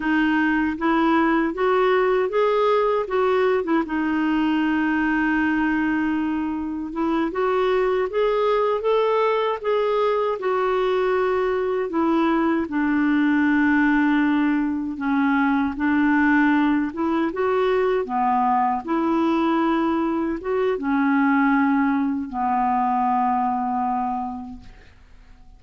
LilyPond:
\new Staff \with { instrumentName = "clarinet" } { \time 4/4 \tempo 4 = 78 dis'4 e'4 fis'4 gis'4 | fis'8. e'16 dis'2.~ | dis'4 e'8 fis'4 gis'4 a'8~ | a'8 gis'4 fis'2 e'8~ |
e'8 d'2. cis'8~ | cis'8 d'4. e'8 fis'4 b8~ | b8 e'2 fis'8 cis'4~ | cis'4 b2. | }